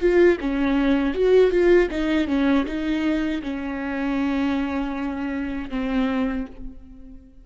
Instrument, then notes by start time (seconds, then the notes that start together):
viola
0.00 F4
0.40 C#4
1.14 F#4
1.51 F4
1.91 D#4
2.28 C#4
2.66 D#4
3.42 C#4
5.70 C4